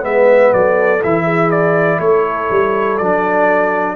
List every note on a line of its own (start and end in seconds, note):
0.00 0.52 G#3
0.00 0.98 B3
0.00 0.52 B4
0.00 0.53 E5
0.53 1.02 F#3
0.53 1.23 A4
0.53 1.02 D5
1.03 1.99 E3
1.03 3.00 E4
1.03 1.50 E5
1.23 1.97 G#4
1.50 2.00 D5
1.99 2.48 A3
1.99 3.95 A4
1.99 2.98 C#5
2.50 2.99 G3
2.98 3.95 F#3
2.98 3.95 D4
2.98 3.95 D5